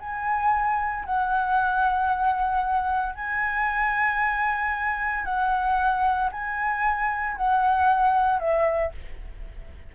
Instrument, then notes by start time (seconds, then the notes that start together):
flute
0.00 G#5
1.05 F#5
3.15 G#5
5.25 F#5
6.32 G#5
7.37 F#5
8.39 E5